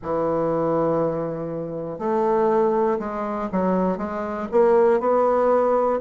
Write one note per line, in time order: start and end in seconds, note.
0.02 1.99 E3
1.99 2.99 A3
2.99 3.49 G#3
3.51 3.97 F#3
3.97 4.47 G#3
4.51 5.00 A#3
5.00 6.00 B3